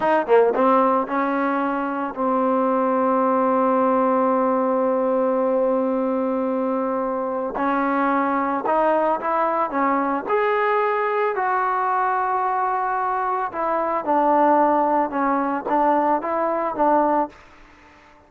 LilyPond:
\new Staff \with { instrumentName = "trombone" } { \time 4/4 \tempo 4 = 111 dis'8 ais8 c'4 cis'2 | c'1~ | c'1~ | c'2 cis'2 |
dis'4 e'4 cis'4 gis'4~ | gis'4 fis'2.~ | fis'4 e'4 d'2 | cis'4 d'4 e'4 d'4 | }